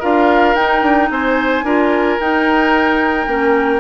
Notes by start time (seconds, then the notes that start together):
0.00 D4 F4 A#4 F5
0.55 D#4 G5
0.82 D4
1.10 C4 C5 G#5
1.63 D4 F4 A#4
2.20 D#4 G5
3.27 A#3 C#4